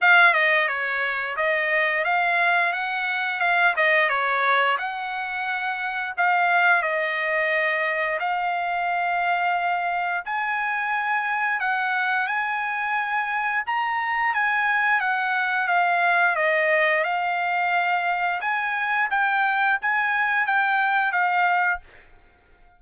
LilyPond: \new Staff \with { instrumentName = "trumpet" } { \time 4/4 \tempo 4 = 88 f''8 dis''8 cis''4 dis''4 f''4 | fis''4 f''8 dis''8 cis''4 fis''4~ | fis''4 f''4 dis''2 | f''2. gis''4~ |
gis''4 fis''4 gis''2 | ais''4 gis''4 fis''4 f''4 | dis''4 f''2 gis''4 | g''4 gis''4 g''4 f''4 | }